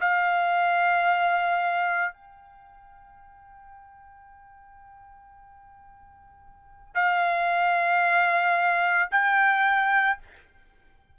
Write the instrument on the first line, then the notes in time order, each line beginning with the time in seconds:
trumpet
0.00 F5
2.13 G5
6.94 F5
9.11 G5